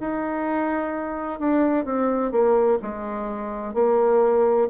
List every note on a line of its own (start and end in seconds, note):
0.00 1.39 D#4
1.39 1.85 D4
1.85 2.31 C4
2.31 2.78 A#3
2.82 3.74 G#3
3.74 4.67 A#3